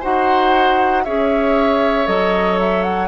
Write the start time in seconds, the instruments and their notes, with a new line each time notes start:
0.00 bassoon D#4, clarinet F#4, oboe C5, flute F#5
1.04 bassoon C#4, clarinet G#4, oboe C#5, flute E5
2.05 bassoon F#3, clarinet A4, flute D#5
2.60 flute E5
2.83 flute F#5